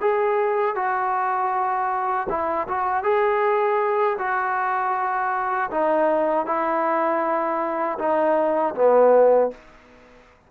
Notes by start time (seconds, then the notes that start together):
0.00 G#4
0.75 F#4
2.29 E4
2.67 F#4
3.03 G#4
4.18 F#4
5.70 D#4
6.46 E4
7.98 D#4
8.74 B3